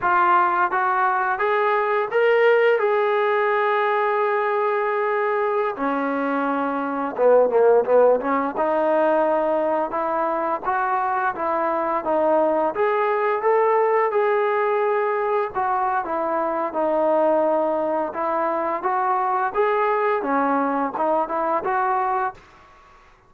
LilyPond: \new Staff \with { instrumentName = "trombone" } { \time 4/4 \tempo 4 = 86 f'4 fis'4 gis'4 ais'4 | gis'1~ | gis'16 cis'2 b8 ais8 b8 cis'16~ | cis'16 dis'2 e'4 fis'8.~ |
fis'16 e'4 dis'4 gis'4 a'8.~ | a'16 gis'2 fis'8. e'4 | dis'2 e'4 fis'4 | gis'4 cis'4 dis'8 e'8 fis'4 | }